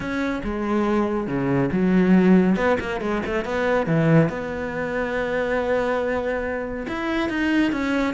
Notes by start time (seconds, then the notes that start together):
0.00 C#4
0.43 G#3
1.27 C#3
1.72 F#3
2.56 B3
2.80 A#3
3.00 G#3
3.26 A3
3.44 B3
3.86 E3
4.29 B3
6.87 E4
7.29 D#4
7.72 C#4